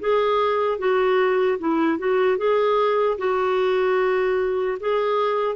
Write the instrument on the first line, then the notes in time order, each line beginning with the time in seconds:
clarinet
0.00 G#4
0.79 F#4
1.59 E4
1.99 F#4
2.37 G#4
3.18 F#4
4.80 G#4